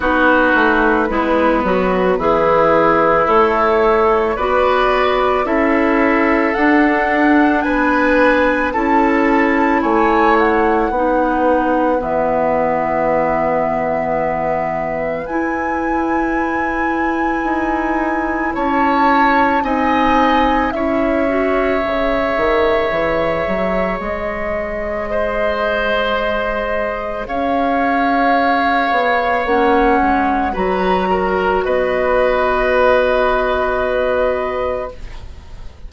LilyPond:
<<
  \new Staff \with { instrumentName = "flute" } { \time 4/4 \tempo 4 = 55 b'2. cis''4 | d''4 e''4 fis''4 gis''4 | a''4 gis''8 fis''4. e''4~ | e''2 gis''2~ |
gis''4 a''4 gis''4 e''4~ | e''2 dis''2~ | dis''4 f''2 fis''4 | ais''4 dis''2. | }
  \new Staff \with { instrumentName = "oboe" } { \time 4/4 fis'4 b4 e'2 | b'4 a'2 b'4 | a'4 cis''4 b'2~ | b'1~ |
b'4 cis''4 dis''4 cis''4~ | cis''2. c''4~ | c''4 cis''2. | b'8 ais'8 b'2. | }
  \new Staff \with { instrumentName = "clarinet" } { \time 4/4 dis'4 e'8 fis'8 gis'4 a'4 | fis'4 e'4 d'2 | e'2 dis'4 b4~ | b2 e'2~ |
e'2 dis'4 e'8 fis'8 | gis'1~ | gis'2. cis'4 | fis'1 | }
  \new Staff \with { instrumentName = "bassoon" } { \time 4/4 b8 a8 gis8 fis8 e4 a4 | b4 cis'4 d'4 b4 | cis'4 a4 b4 e4~ | e2 e'2 |
dis'4 cis'4 c'4 cis'4 | cis8 dis8 e8 fis8 gis2~ | gis4 cis'4. b8 ais8 gis8 | fis4 b2. | }
>>